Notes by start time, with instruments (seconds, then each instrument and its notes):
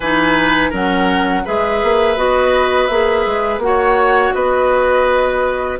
0.00 bassoon E3, clarinet D#4, oboe B4, flute G#5
0.70 bassoon F#3, clarinet C#4, oboe A#4, flute F#5
1.45 bassoon G#3, clarinet G#4, oboe B4, flute E5
1.83 bassoon A#3
2.16 bassoon B3, clarinet F#4, flute D#5
2.87 bassoon A#3, clarinet G#4, flute E5
3.26 bassoon G#3
3.58 bassoon A#3, clarinet F#4, flute F#5
3.66 oboe C#5
4.33 bassoon B3, oboe B4, flute D#5